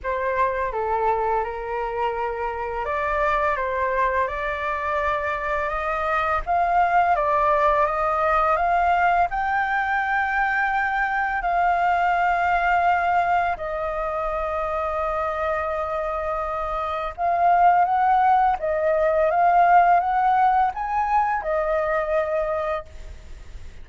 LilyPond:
\new Staff \with { instrumentName = "flute" } { \time 4/4 \tempo 4 = 84 c''4 a'4 ais'2 | d''4 c''4 d''2 | dis''4 f''4 d''4 dis''4 | f''4 g''2. |
f''2. dis''4~ | dis''1 | f''4 fis''4 dis''4 f''4 | fis''4 gis''4 dis''2 | }